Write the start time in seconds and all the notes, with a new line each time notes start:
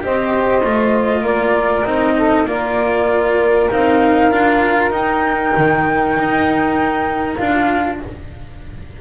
0.00 C4 G4 C5 D#5
0.64 A3 F4
1.22 A#3 A#4 D5
1.84 C4 D#4 D#5
2.17 A4
2.45 A#3 F4 A#4 D5
3.69 C4 D#4 F5
4.31 D4 F4
4.90 D#4 G5
5.57 D#3
6.17 D#4
7.35 D4 F4 F5